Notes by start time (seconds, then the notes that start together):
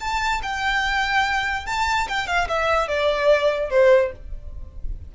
0.00 A5
0.43 G5
1.66 A5
2.08 G5
2.27 F5
2.48 E5
2.88 D5
3.70 C5